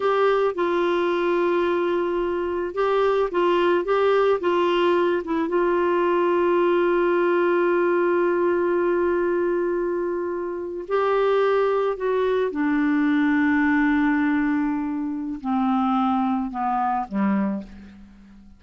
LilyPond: \new Staff \with { instrumentName = "clarinet" } { \time 4/4 \tempo 4 = 109 g'4 f'2.~ | f'4 g'4 f'4 g'4 | f'4. e'8 f'2~ | f'1~ |
f'2.~ f'8. g'16~ | g'4.~ g'16 fis'4 d'4~ d'16~ | d'1 | c'2 b4 g4 | }